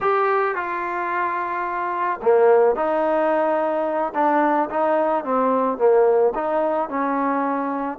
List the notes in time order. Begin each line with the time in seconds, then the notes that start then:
0.01 G4
0.55 F4
2.22 A#3
2.75 D#4
4.14 D4
4.70 D#4
5.24 C4
5.78 A#3
6.34 D#4
6.89 C#4